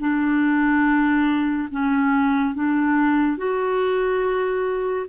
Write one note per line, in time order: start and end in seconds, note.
0.00 1.69 D4
1.71 2.55 C#4
2.55 3.38 D4
3.38 5.07 F#4